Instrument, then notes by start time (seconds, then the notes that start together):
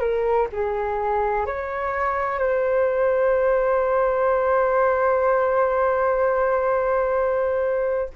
flute
0.00 A#4
0.52 G#4
1.46 C#5
2.39 C5